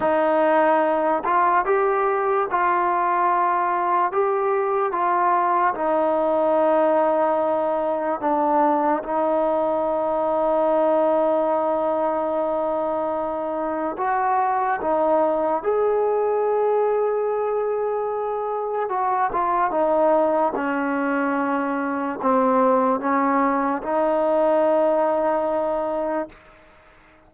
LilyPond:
\new Staff \with { instrumentName = "trombone" } { \time 4/4 \tempo 4 = 73 dis'4. f'8 g'4 f'4~ | f'4 g'4 f'4 dis'4~ | dis'2 d'4 dis'4~ | dis'1~ |
dis'4 fis'4 dis'4 gis'4~ | gis'2. fis'8 f'8 | dis'4 cis'2 c'4 | cis'4 dis'2. | }